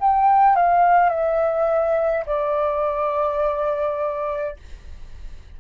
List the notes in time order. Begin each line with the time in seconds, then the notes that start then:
0.00 G5
0.56 F5
1.10 E5
2.26 D5